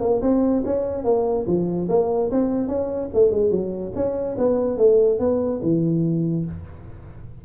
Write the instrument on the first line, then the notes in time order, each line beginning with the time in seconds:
tuba
0.00 A#3
0.22 C4
0.65 C#4
1.04 A#3
1.47 F3
1.89 A#3
2.31 C4
2.68 C#4
3.14 A3
3.31 G#3
3.51 F#3
3.95 C#4
4.38 B3
4.78 A3
5.19 B3
5.62 E3